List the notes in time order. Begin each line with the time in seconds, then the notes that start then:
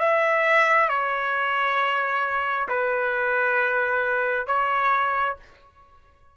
0.00 E5
0.89 C#5
2.69 B4
4.47 C#5